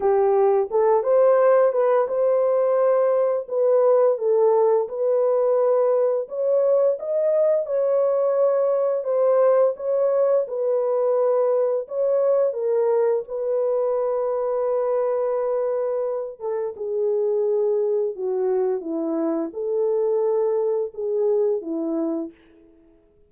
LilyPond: \new Staff \with { instrumentName = "horn" } { \time 4/4 \tempo 4 = 86 g'4 a'8 c''4 b'8 c''4~ | c''4 b'4 a'4 b'4~ | b'4 cis''4 dis''4 cis''4~ | cis''4 c''4 cis''4 b'4~ |
b'4 cis''4 ais'4 b'4~ | b'2.~ b'8 a'8 | gis'2 fis'4 e'4 | a'2 gis'4 e'4 | }